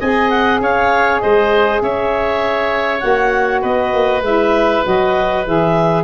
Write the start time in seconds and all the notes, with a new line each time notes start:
0.00 C4 G#4 D#5 G#5
0.30 F#5
0.61 C#4 C#5 F5
1.20 G#3 C5 D#5
1.82 C#4 C#5 E5
2.99 A#3 F#4 F#5
3.61 B3 B4 D#5
3.94 A#3
4.21 G#3 E4 E5
4.84 F#3 F#4 D#5
5.46 E3 G#4 E5